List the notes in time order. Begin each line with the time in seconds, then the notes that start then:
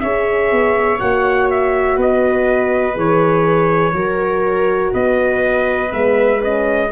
0.00 C#4 G#4 C#5 E5
0.51 B3
0.99 A#3 F#4 F#5
1.50 E5
1.97 B3 B4 D#5
2.94 E3 G#4 C#5
3.93 F#3 F#4 A#4
4.93 B3 B4 D#5
5.90 G#3 B3 E5
6.41 C#4 D#5